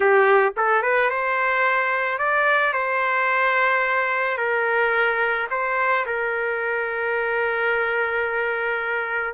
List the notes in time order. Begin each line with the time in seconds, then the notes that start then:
0.00 G4
0.57 A4
0.82 B4
1.10 C5
2.18 D5
2.73 C5
4.37 A#4
5.50 C5
6.06 A#4